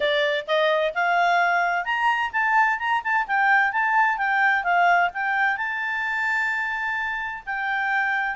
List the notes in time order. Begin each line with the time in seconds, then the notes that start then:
0.00 D5
0.47 D#5
0.94 F5
1.84 A#5
2.32 A5
2.78 A#5
3.03 A5
3.27 G5
3.72 A5
4.17 G5
4.63 F5
5.13 G5
5.57 A5
7.45 G5